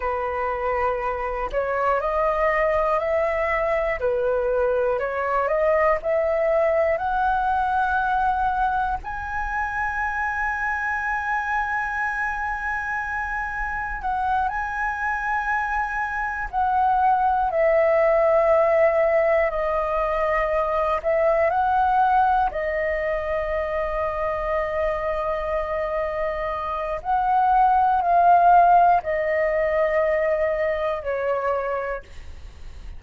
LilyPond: \new Staff \with { instrumentName = "flute" } { \time 4/4 \tempo 4 = 60 b'4. cis''8 dis''4 e''4 | b'4 cis''8 dis''8 e''4 fis''4~ | fis''4 gis''2.~ | gis''2 fis''8 gis''4.~ |
gis''8 fis''4 e''2 dis''8~ | dis''4 e''8 fis''4 dis''4.~ | dis''2. fis''4 | f''4 dis''2 cis''4 | }